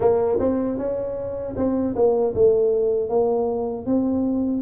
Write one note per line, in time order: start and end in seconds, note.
0.00 0.38 A#3
0.39 0.77 C4
0.77 1.54 C#4
1.56 1.94 C4
1.95 2.34 A#3
2.34 3.09 A3
3.09 3.85 A#3
3.85 4.62 C4